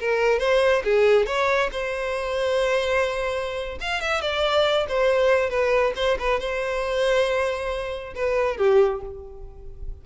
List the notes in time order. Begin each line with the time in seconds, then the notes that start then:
0.00 A#4
0.39 C5
0.84 G#4
1.26 C#5
1.72 C5
3.81 F5
4.01 E5
4.22 D5
4.89 C5
5.50 B4
5.96 C5
6.19 B4
6.40 C5
8.15 B4
8.58 G4